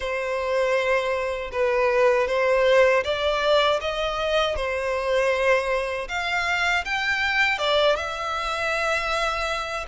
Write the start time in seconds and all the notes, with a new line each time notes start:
0.00 C5
1.52 B4
2.27 C5
3.04 D5
3.80 D#5
4.56 C5
6.08 F5
6.85 G5
7.58 D5
7.96 E5